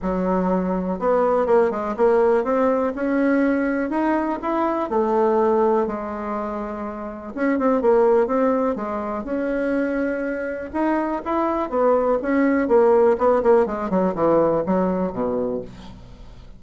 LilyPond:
\new Staff \with { instrumentName = "bassoon" } { \time 4/4 \tempo 4 = 123 fis2 b4 ais8 gis8 | ais4 c'4 cis'2 | dis'4 e'4 a2 | gis2. cis'8 c'8 |
ais4 c'4 gis4 cis'4~ | cis'2 dis'4 e'4 | b4 cis'4 ais4 b8 ais8 | gis8 fis8 e4 fis4 b,4 | }